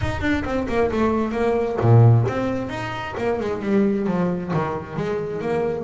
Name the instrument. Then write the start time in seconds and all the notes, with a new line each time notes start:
double bass
0.01 D#4
0.21 D4
0.44 C4
0.68 A#3
0.91 A3
1.31 A#3
1.80 A#2
2.28 C4
2.69 D#4
3.17 A#3
3.40 G#3
3.62 G3
4.07 F3
4.53 D#3
4.96 G#3
5.41 A#3